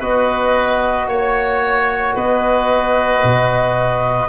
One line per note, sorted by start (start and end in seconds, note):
0.00 1.07 B3
0.00 4.29 F#4
0.00 1.07 B4
0.00 1.09 D#5
1.07 2.14 A#3
1.07 2.15 C#5
1.07 2.16 C#5
2.15 3.23 B3
2.15 4.29 B4
2.15 4.29 D#5
3.24 4.29 B2